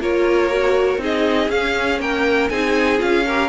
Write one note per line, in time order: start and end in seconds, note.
0.00 0.97 A#3
0.00 0.50 F4
0.00 1.01 A#4
0.00 1.02 C#5
0.50 0.98 F#4
0.97 1.48 C4
0.97 1.48 D#4
0.97 2.01 G#4
1.04 1.50 D#5
1.49 1.99 C#4
1.49 2.50 C#4
1.49 2.00 F5
1.99 2.49 A#3
1.99 2.51 A#4
1.99 2.49 G5
2.49 3.00 C4
2.49 2.98 D#4
2.49 3.26 G#4
2.49 2.99 G#5
2.98 3.49 C#4
2.98 3.23 F4
2.98 3.49 F5
3.26 3.49 G4
3.26 3.49 A#4